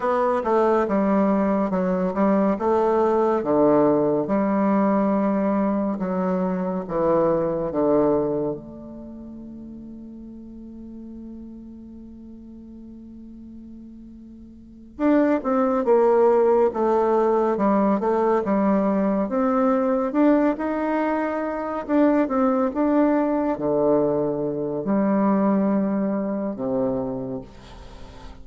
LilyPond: \new Staff \with { instrumentName = "bassoon" } { \time 4/4 \tempo 4 = 70 b8 a8 g4 fis8 g8 a4 | d4 g2 fis4 | e4 d4 a2~ | a1~ |
a4. d'8 c'8 ais4 a8~ | a8 g8 a8 g4 c'4 d'8 | dis'4. d'8 c'8 d'4 d8~ | d4 g2 c4 | }